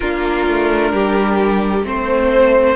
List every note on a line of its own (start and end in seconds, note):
0.00 0.47 A#3
0.00 1.83 D4
0.00 0.92 F4
0.00 1.83 A#4
0.47 0.92 A3
0.92 1.83 G3
0.92 1.85 G4
1.83 2.75 A3
1.83 2.75 C4
1.83 2.75 C5